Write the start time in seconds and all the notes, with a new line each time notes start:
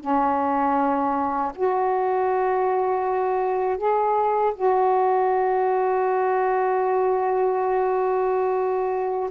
0.00 C#4
1.54 F#4
3.77 G#4
4.55 F#4